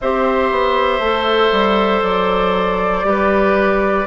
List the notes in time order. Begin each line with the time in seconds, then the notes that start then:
0.00 C4 G4 C5 E5
0.51 B3
0.99 A3 A4
1.51 G3
2.02 F#3 D5
3.03 G3 G4 B4